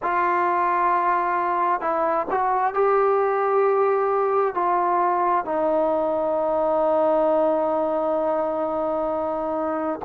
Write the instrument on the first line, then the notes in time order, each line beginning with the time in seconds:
trombone
0.02 F4
1.81 E4
2.30 F#4
2.74 G4
4.54 F4
5.45 D#4